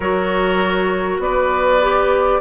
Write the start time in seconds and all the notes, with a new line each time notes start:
0.00 F#3 F#4 A#4 C#5
1.18 B3 B4 D5
1.81 G4